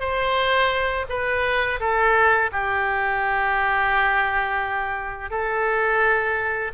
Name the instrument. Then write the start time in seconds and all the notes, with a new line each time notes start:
oboe
0.00 C5
1.09 B4
1.80 A4
2.52 G4
5.30 A4